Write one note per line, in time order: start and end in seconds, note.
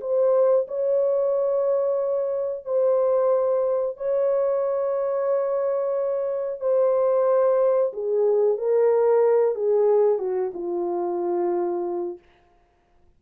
0.00 0.66 C5
0.67 2.65 C#5
2.65 3.97 C5
3.97 6.60 C#5
6.60 7.92 C5
7.93 8.57 G#4
8.57 9.55 A#4
9.55 10.18 G#4
10.18 10.51 F#4
10.53 12.18 F4